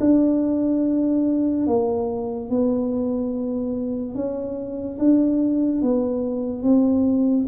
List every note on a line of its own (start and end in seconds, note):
0.00 1.67 D4
1.67 2.50 A#3
2.50 4.15 B3
4.15 4.98 C#4
4.99 5.82 D4
5.82 6.63 B3
6.63 7.46 C4